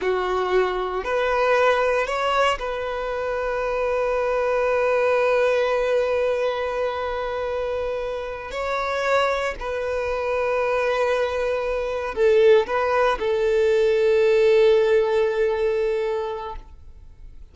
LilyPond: \new Staff \with { instrumentName = "violin" } { \time 4/4 \tempo 4 = 116 fis'2 b'2 | cis''4 b'2.~ | b'1~ | b'1~ |
b'8 cis''2 b'4.~ | b'2.~ b'8 a'8~ | a'8 b'4 a'2~ a'8~ | a'1 | }